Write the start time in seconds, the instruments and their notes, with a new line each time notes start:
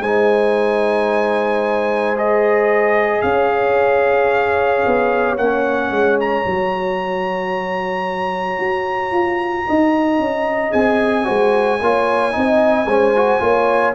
0.00 tuba G#3, trombone D#4, horn C5, trumpet G#5
2.16 trombone G#4, trumpet D#5
3.22 tuba C#4, horn C#5, trumpet F5
4.87 tuba B3
5.37 tuba A#3, trombone C#4, trumpet F#5
5.91 tuba G#3
6.20 trumpet A#5
6.45 tuba F#3, trombone F#4
8.59 tuba F#4
9.12 tuba F4
9.67 tuba D#4, horn D#5
10.19 tuba C#4
10.71 tuba C4, trombone G#4, trumpet G#5
11.25 tuba G#3, trombone F#4, horn C5
11.81 tuba A#3, trombone F4, horn C#5
12.32 tuba C4, trombone D#4
12.38 horn D#5
12.85 tuba G#3, trombone C#4, horn C5
13.16 trombone F#4
13.40 tuba A#3, trombone F4, horn C#5